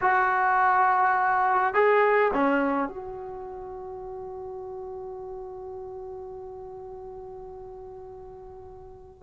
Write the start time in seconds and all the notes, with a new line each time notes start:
0.01 F#4
1.74 G#4
2.33 C#4
2.88 F#4